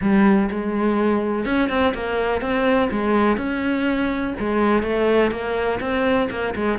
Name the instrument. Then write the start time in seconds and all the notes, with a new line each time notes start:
cello
0.01 G3
0.50 G#3
1.45 C#4
1.69 C4
1.94 A#3
2.41 C4
2.91 G#3
3.37 C#4
4.39 G#3
4.83 A3
5.31 A#3
5.80 C4
6.30 A#3
6.55 G#3